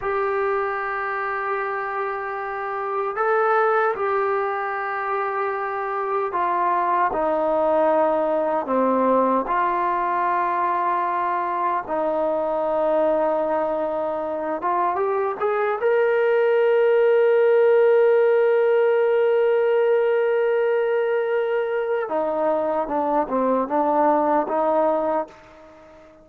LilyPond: \new Staff \with { instrumentName = "trombone" } { \time 4/4 \tempo 4 = 76 g'1 | a'4 g'2. | f'4 dis'2 c'4 | f'2. dis'4~ |
dis'2~ dis'8 f'8 g'8 gis'8 | ais'1~ | ais'1 | dis'4 d'8 c'8 d'4 dis'4 | }